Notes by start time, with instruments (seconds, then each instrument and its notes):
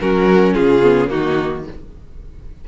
0.00 cello F#3, viola C#4, violin F#4 A#4
0.54 cello C#3, violin F4 G#4
0.82 viola B3
1.08 cello D#3, viola A#3, violin D#4 F#4